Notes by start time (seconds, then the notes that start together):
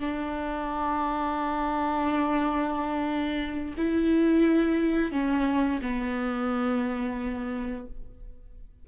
0.00 D4
3.77 E4
5.12 C#4
5.82 B3